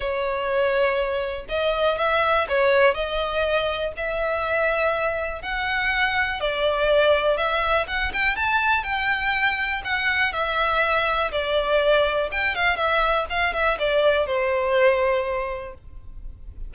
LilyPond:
\new Staff \with { instrumentName = "violin" } { \time 4/4 \tempo 4 = 122 cis''2. dis''4 | e''4 cis''4 dis''2 | e''2. fis''4~ | fis''4 d''2 e''4 |
fis''8 g''8 a''4 g''2 | fis''4 e''2 d''4~ | d''4 g''8 f''8 e''4 f''8 e''8 | d''4 c''2. | }